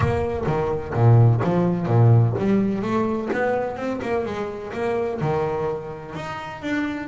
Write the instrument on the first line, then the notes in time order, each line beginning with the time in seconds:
double bass
0.00 A#3
0.46 D#3
0.94 A#2
1.43 F3
1.86 A#2
2.38 G3
2.82 A3
3.32 B3
3.76 C4
4.02 A#3
4.25 G#3
4.73 A#3
5.21 D#3
6.15 D#4
6.62 D4